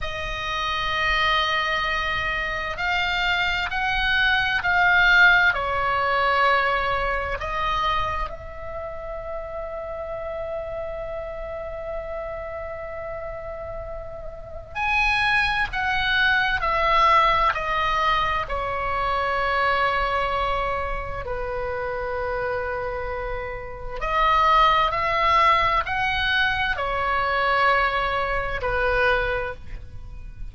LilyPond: \new Staff \with { instrumentName = "oboe" } { \time 4/4 \tempo 4 = 65 dis''2. f''4 | fis''4 f''4 cis''2 | dis''4 e''2.~ | e''1 |
gis''4 fis''4 e''4 dis''4 | cis''2. b'4~ | b'2 dis''4 e''4 | fis''4 cis''2 b'4 | }